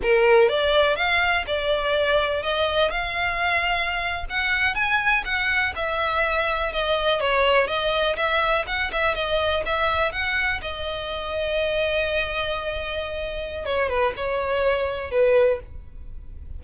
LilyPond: \new Staff \with { instrumentName = "violin" } { \time 4/4 \tempo 4 = 123 ais'4 d''4 f''4 d''4~ | d''4 dis''4 f''2~ | f''8. fis''4 gis''4 fis''4 e''16~ | e''4.~ e''16 dis''4 cis''4 dis''16~ |
dis''8. e''4 fis''8 e''8 dis''4 e''16~ | e''8. fis''4 dis''2~ dis''16~ | dis''1 | cis''8 b'8 cis''2 b'4 | }